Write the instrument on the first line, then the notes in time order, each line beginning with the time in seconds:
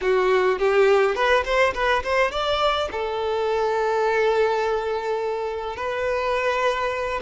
violin
0.01 F#4
0.58 G4
1.15 B4
1.44 C5
1.74 B4
2.03 C5
2.31 D5
2.91 A4
5.76 B4